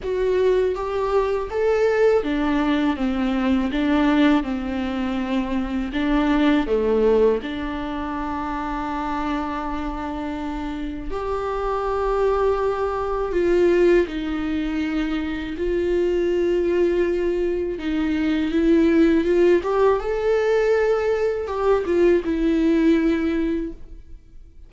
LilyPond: \new Staff \with { instrumentName = "viola" } { \time 4/4 \tempo 4 = 81 fis'4 g'4 a'4 d'4 | c'4 d'4 c'2 | d'4 a4 d'2~ | d'2. g'4~ |
g'2 f'4 dis'4~ | dis'4 f'2. | dis'4 e'4 f'8 g'8 a'4~ | a'4 g'8 f'8 e'2 | }